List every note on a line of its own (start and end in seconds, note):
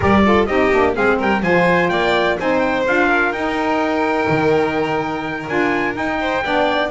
0.00 0.47 G3
0.00 0.22 G4
0.00 0.23 A#4
0.00 0.45 D5
0.24 0.47 F4
0.24 0.48 A4
0.45 0.71 C4
0.45 0.71 D#4
0.45 0.95 G4
0.45 0.93 D#5
0.71 0.95 A#3
0.71 0.94 D4
0.94 1.20 G#3
0.94 1.41 C4
0.94 1.18 G#4
0.94 1.19 F5
1.18 1.42 G3
1.18 1.42 A#4
1.18 1.43 G5
1.42 1.90 F3
1.42 2.38 F4
1.42 1.89 C5
1.42 1.88 G#5
1.88 2.37 A#3
1.88 2.37 D5
1.88 2.36 G5
2.38 2.87 C4
2.38 2.86 D#4
2.38 3.07 C5
2.38 2.59 G#5
2.59 2.83 G5
2.86 3.32 D4
2.86 3.34 F4
2.86 3.32 F5
3.07 6.17 A#4
3.32 4.27 D#4
3.32 5.48 D#4
3.32 5.46 G5
4.29 5.48 D#3
5.47 5.95 D4
5.47 5.94 F4
5.47 5.95 G#5
5.94 6.41 D#4
5.94 6.43 D#4
5.94 6.90 G5
6.20 6.44 C5
6.43 6.90 B3
6.43 6.90 D4
6.43 6.90 D5